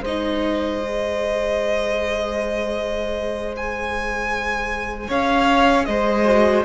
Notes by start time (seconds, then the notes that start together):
0.00 G#3 C5 D#5
0.06 D#4
0.81 G#4
3.56 G#5
5.07 C#4 C#5 F5
5.84 G#3 C5 D#5
6.25 F#4